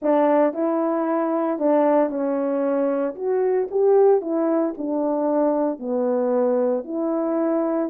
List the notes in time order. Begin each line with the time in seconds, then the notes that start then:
0.02 D4
0.53 E4
1.58 D4
2.09 C#4
3.15 F#4
3.71 G4
4.21 E4
4.77 D4
5.79 B3
6.84 E4